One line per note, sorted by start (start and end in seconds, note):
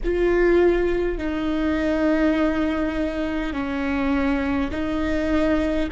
0.04 1.18 F4
1.18 3.53 D#4
3.53 4.71 C#4
4.71 5.88 D#4